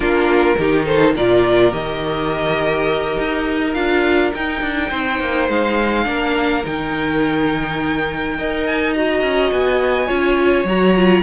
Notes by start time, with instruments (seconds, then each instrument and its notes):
0.00 cello A#3, viola D4, violin F4 A#4
0.57 cello D#3, viola D#4, violin G4
0.85 violin A4 C5
1.15 cello A#2, viola F4, violin A#4 D5
1.71 cello D#3, viola G4, violin D#5
3.18 cello D#4
3.73 cello D4, viola F4, violin F5
4.34 cello D#4, viola D#4, violin G5
4.61 cello D4
4.89 cello C4, violin C5
5.20 cello A#3
5.48 cello G#3, violin F5
6.04 cello A#3, viola D4, violin A#4
6.64 cello D#3, viola D#4, violin G5
8.38 cello D#4, viola A#4, violin D#5
8.66 violin G#5
8.92 viola F#4, violin A#5
9.22 cello C#4
9.51 cello B3, violin G#5
10.06 cello C#4, viola F4, violin C#5
10.64 cello F#3, viola F#4, violin A#5
10.96 viola F4